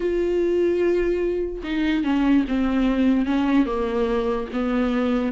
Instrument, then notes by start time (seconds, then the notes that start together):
viola
0.00 F4
1.63 D#4
2.04 C#4
2.48 C4
3.25 C#4
3.66 A#3
4.52 B3